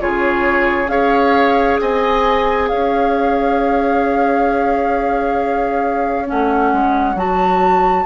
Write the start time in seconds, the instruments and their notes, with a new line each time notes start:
0.00 bassoon C#3, clarinet F4, oboe G#4, flute C#5
0.88 bassoon C#4, clarinet G#4, oboe C#5, flute F5
1.81 bassoon C4, oboe D#5, flute G#5
2.68 bassoon C#4, oboe C#5, flute F5
6.26 bassoon A3, clarinet C#4, flute F#5
6.72 bassoon G#3
7.15 bassoon F#3, clarinet F#4, flute A5